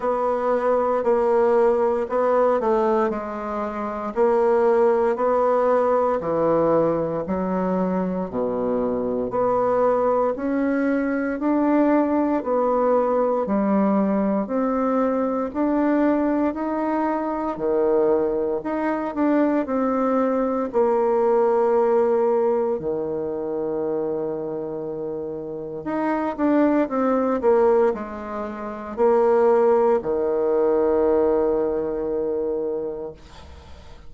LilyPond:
\new Staff \with { instrumentName = "bassoon" } { \time 4/4 \tempo 4 = 58 b4 ais4 b8 a8 gis4 | ais4 b4 e4 fis4 | b,4 b4 cis'4 d'4 | b4 g4 c'4 d'4 |
dis'4 dis4 dis'8 d'8 c'4 | ais2 dis2~ | dis4 dis'8 d'8 c'8 ais8 gis4 | ais4 dis2. | }